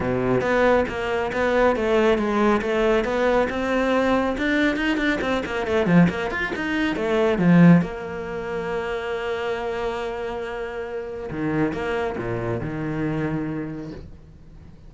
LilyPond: \new Staff \with { instrumentName = "cello" } { \time 4/4 \tempo 4 = 138 b,4 b4 ais4 b4 | a4 gis4 a4 b4 | c'2 d'4 dis'8 d'8 | c'8 ais8 a8 f8 ais8 f'8 dis'4 |
a4 f4 ais2~ | ais1~ | ais2 dis4 ais4 | ais,4 dis2. | }